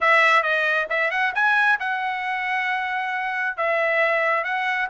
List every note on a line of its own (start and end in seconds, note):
0.00 0.42 E5
0.42 0.87 D#5
0.89 1.11 E5
1.11 1.33 F#5
1.35 1.79 G#5
1.79 3.56 F#5
3.56 4.44 E5
4.44 4.88 F#5